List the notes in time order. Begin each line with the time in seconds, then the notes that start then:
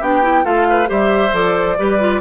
0.00 B3 D4 G4 G5
0.22 E4
0.44 A3 F4 A4 F5
0.70 B4
0.86 G3 G4 C5 E5
1.33 F3 A4 D5
1.78 G3 G4 B4
2.00 F4